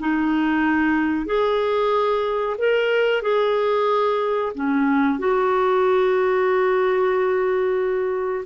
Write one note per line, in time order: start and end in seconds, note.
0.00 1.26 D#4
1.26 2.56 G#4
2.58 3.22 A#4
3.22 4.52 G#4
4.55 5.19 C#4
5.19 8.45 F#4